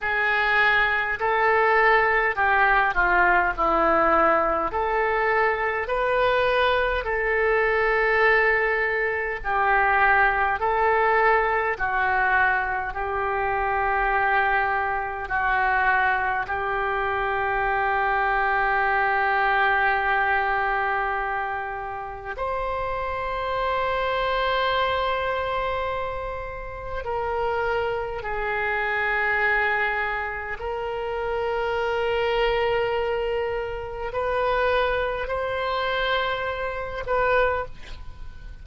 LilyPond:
\new Staff \with { instrumentName = "oboe" } { \time 4/4 \tempo 4 = 51 gis'4 a'4 g'8 f'8 e'4 | a'4 b'4 a'2 | g'4 a'4 fis'4 g'4~ | g'4 fis'4 g'2~ |
g'2. c''4~ | c''2. ais'4 | gis'2 ais'2~ | ais'4 b'4 c''4. b'8 | }